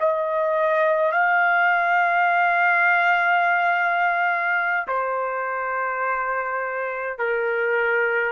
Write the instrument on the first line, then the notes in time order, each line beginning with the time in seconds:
trumpet
0.00 D#5
1.12 F5
4.88 C5
7.19 A#4